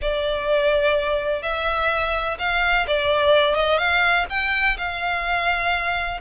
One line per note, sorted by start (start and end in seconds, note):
0.01 1.42 D5
1.42 2.37 E5
2.39 2.86 F5
2.87 3.54 D5
3.54 3.77 D#5
3.77 4.25 F5
4.29 4.77 G5
4.77 6.20 F5